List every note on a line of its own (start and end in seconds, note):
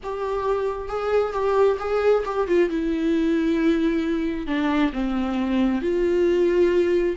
0.03 0.88 G4
0.88 1.32 G#4
1.32 1.77 G4
1.79 2.24 G#4
2.25 2.47 G4
2.47 2.69 F4
2.69 4.47 E4
4.47 4.91 D4
4.93 5.81 C4
5.81 7.16 F4